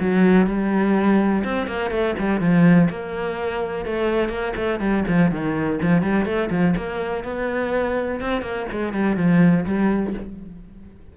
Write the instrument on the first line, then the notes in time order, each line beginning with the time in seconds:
cello
0.00 F#3
0.46 G3
1.44 C4
1.66 A#3
1.90 A3
2.18 G3
2.40 F3
2.90 A#3
3.85 A3
4.29 A#3
4.56 A3
4.79 G3
5.07 F3
5.31 D#3
5.82 F3
6.02 G3
6.25 A3
6.50 F3
6.76 A#3
7.24 B3
8.20 C4
8.41 A#3
8.71 G#3
8.93 G3
9.16 F3
9.65 G3